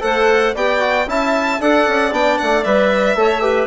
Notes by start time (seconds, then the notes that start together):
0.00 A3 A4 C5 F#5
0.54 B3 G4 D5 G5
0.79 F#4
1.07 C#4 E4 E5 A5
1.60 D4 A4 D5 F#5
1.87 C#4
2.11 B3 D4 G5
2.38 A3 F#5
2.63 G3 B4 E5
3.15 A3 A4 C#5
3.41 G4 B4